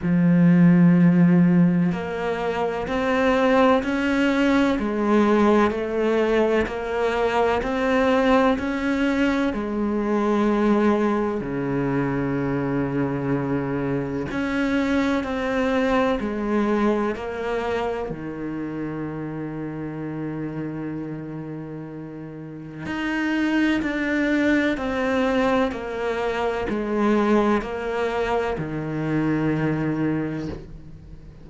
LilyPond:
\new Staff \with { instrumentName = "cello" } { \time 4/4 \tempo 4 = 63 f2 ais4 c'4 | cis'4 gis4 a4 ais4 | c'4 cis'4 gis2 | cis2. cis'4 |
c'4 gis4 ais4 dis4~ | dis1 | dis'4 d'4 c'4 ais4 | gis4 ais4 dis2 | }